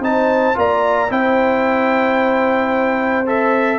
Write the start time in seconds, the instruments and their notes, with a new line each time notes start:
0.00 tuba C4, trombone D#4, horn C5, trumpet A5
0.55 tuba A#3, trombone F4, horn D5, trumpet A#5
1.09 tuba C4, trombone E4, horn C5, trumpet G5
3.26 trombone A4, trumpet E5